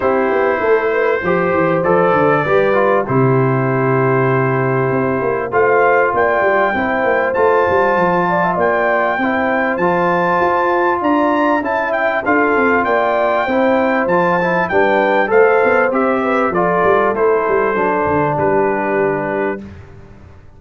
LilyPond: <<
  \new Staff \with { instrumentName = "trumpet" } { \time 4/4 \tempo 4 = 98 c''2. d''4~ | d''4 c''2.~ | c''4 f''4 g''2 | a''2 g''2 |
a''2 ais''4 a''8 g''8 | f''4 g''2 a''4 | g''4 f''4 e''4 d''4 | c''2 b'2 | }
  \new Staff \with { instrumentName = "horn" } { \time 4/4 g'4 a'8 b'8 c''2 | b'4 g'2.~ | g'4 c''4 d''4 c''4~ | c''4. d''16 e''16 d''4 c''4~ |
c''2 d''4 e''4 | a'4 d''4 c''2 | b'4 c''4. b'8 a'4~ | a'2 g'2 | }
  \new Staff \with { instrumentName = "trombone" } { \time 4/4 e'2 g'4 a'4 | g'8 f'8 e'2.~ | e'4 f'2 e'4 | f'2. e'4 |
f'2. e'4 | f'2 e'4 f'8 e'8 | d'4 a'4 g'4 f'4 | e'4 d'2. | }
  \new Staff \with { instrumentName = "tuba" } { \time 4/4 c'8 b8 a4 f8 e8 f8 d8 | g4 c2. | c'8 ais8 a4 ais8 g8 c'8 ais8 | a8 g8 f4 ais4 c'4 |
f4 f'4 d'4 cis'4 | d'8 c'8 ais4 c'4 f4 | g4 a8 b8 c'4 f8 g8 | a8 g8 fis8 d8 g2 | }
>>